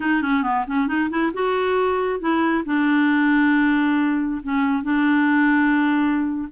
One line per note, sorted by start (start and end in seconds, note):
0.00 0.21 D#4
0.21 0.43 C#4
0.43 0.65 B3
0.67 0.87 C#4
0.87 1.09 D#4
1.09 1.32 E4
1.33 2.20 F#4
2.20 2.64 E4
2.65 4.41 D4
4.42 4.83 C#4
4.83 6.48 D4